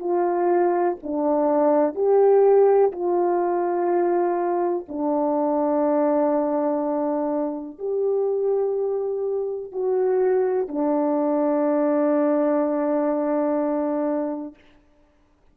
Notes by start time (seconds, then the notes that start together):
0.00 F4
1.03 D4
1.95 G4
2.93 F4
4.89 D4
7.79 G4
9.72 F#4
10.68 D4